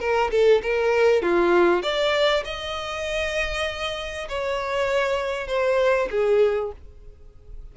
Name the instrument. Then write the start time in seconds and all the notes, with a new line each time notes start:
violin
0.00 A#4
0.31 A4
0.63 A#4
1.22 F4
1.83 D5
2.45 D#5
4.29 C#5
5.47 C5
6.11 G#4